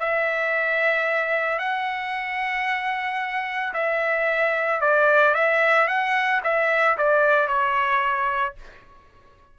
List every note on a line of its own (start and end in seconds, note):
0.00 1.59 E5
1.59 3.74 F#5
3.74 4.81 E5
4.81 5.35 D5
5.35 5.88 E5
5.88 6.42 F#5
6.44 6.98 E5
6.98 7.48 D5
7.48 8.55 C#5